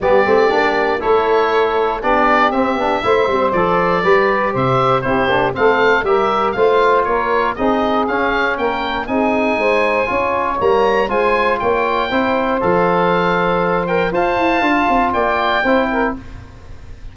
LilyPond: <<
  \new Staff \with { instrumentName = "oboe" } { \time 4/4 \tempo 4 = 119 d''2 cis''2 | d''4 e''2 d''4~ | d''4 e''4 c''4 f''4 | e''4 f''4 cis''4 dis''4 |
f''4 g''4 gis''2~ | gis''4 ais''4 gis''4 g''4~ | g''4 f''2~ f''8 g''8 | a''2 g''2 | }
  \new Staff \with { instrumentName = "saxophone" } { \time 4/4 g'2 a'2 | g'2 c''2 | b'4 c''4 g'4 a'4 | ais'4 c''4 ais'4 gis'4~ |
gis'4 ais'4 gis'4 c''4 | cis''2 c''4 cis''4 | c''1 | f''2 d''4 c''8 ais'8 | }
  \new Staff \with { instrumentName = "trombone" } { \time 4/4 b8 c'8 d'4 e'2 | d'4 c'8 d'8 e'8 c'8 a'4 | g'2 e'8 d'8 c'4 | g'4 f'2 dis'4 |
cis'2 dis'2 | f'4 ais4 f'2 | e'4 a'2~ a'8 ais'8 | c''4 f'2 e'4 | }
  \new Staff \with { instrumentName = "tuba" } { \time 4/4 g8 a8 ais4 a2 | b4 c'8 b8 a8 g8 f4 | g4 c4 c'8 ais8 a4 | g4 a4 ais4 c'4 |
cis'4 ais4 c'4 gis4 | cis'4 g4 gis4 ais4 | c'4 f2. | f'8 e'8 d'8 c'8 ais4 c'4 | }
>>